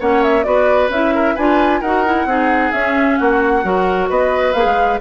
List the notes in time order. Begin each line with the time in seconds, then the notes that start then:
0.00 A#3 C#4 C#5 F#5
0.23 E5
0.44 B3 F#4 B4 D5
0.89 C#4 E4 E5
1.15 A#4
1.35 D4 F4 B4 G#5
1.81 D#4 F#4 A#4 F#5
2.05 E4
2.26 C4 D#4 G#4
2.72 C#4 E5
3.17 A#3 F#4 F#5
3.63 F#3 F#4 A#4
4.09 B3 B4 D#5
4.53 A#3 G#4 F5
4.65 G#3